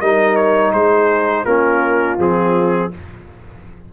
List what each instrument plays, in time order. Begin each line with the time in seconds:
0.00 tuba G3, trombone D#4, horn A#4, trumpet D#5
0.36 trumpet C#5
0.73 tuba G#3, horn G#4, trumpet C5
1.45 tuba A#3, trombone C#4, horn F4, trumpet A#4
2.18 tuba F3, trombone C4, trumpet G#4